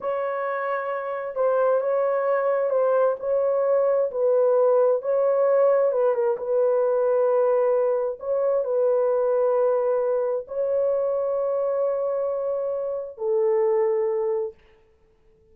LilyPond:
\new Staff \with { instrumentName = "horn" } { \time 4/4 \tempo 4 = 132 cis''2. c''4 | cis''2 c''4 cis''4~ | cis''4 b'2 cis''4~ | cis''4 b'8 ais'8 b'2~ |
b'2 cis''4 b'4~ | b'2. cis''4~ | cis''1~ | cis''4 a'2. | }